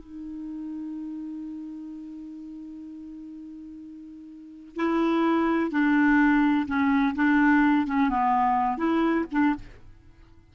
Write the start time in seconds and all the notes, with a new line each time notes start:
0.00 D#4
4.76 E4
5.71 D4
6.67 C#4
7.15 D4
7.87 C#4
8.10 B3
8.77 E4
9.31 D4